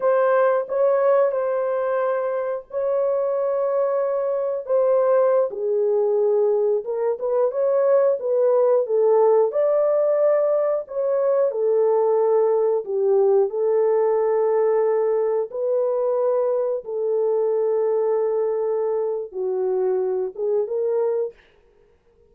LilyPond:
\new Staff \with { instrumentName = "horn" } { \time 4/4 \tempo 4 = 90 c''4 cis''4 c''2 | cis''2. c''4~ | c''16 gis'2 ais'8 b'8 cis''8.~ | cis''16 b'4 a'4 d''4.~ d''16~ |
d''16 cis''4 a'2 g'8.~ | g'16 a'2. b'8.~ | b'4~ b'16 a'2~ a'8.~ | a'4 fis'4. gis'8 ais'4 | }